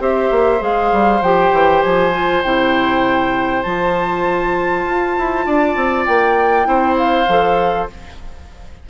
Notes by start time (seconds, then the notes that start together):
0.00 C4 G4 C5 E5
0.31 A#3
0.59 G#3 G#4 F5
0.93 G3
1.22 F3 G4 G5
1.53 E3
1.82 F3 G#5
2.13 F4
2.43 C3 E4 G5
3.63 F3 F4 A5
4.86 F4
5.19 E4
5.46 D4 D5
5.76 C4
6.06 A#3 G5
6.65 C4 E4 C5
6.98 F5
7.29 F3 A4